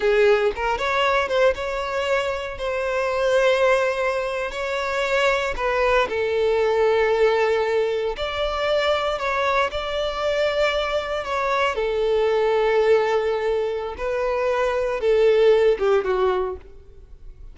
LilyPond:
\new Staff \with { instrumentName = "violin" } { \time 4/4 \tempo 4 = 116 gis'4 ais'8 cis''4 c''8 cis''4~ | cis''4 c''2.~ | c''8. cis''2 b'4 a'16~ | a'2.~ a'8. d''16~ |
d''4.~ d''16 cis''4 d''4~ d''16~ | d''4.~ d''16 cis''4 a'4~ a'16~ | a'2. b'4~ | b'4 a'4. g'8 fis'4 | }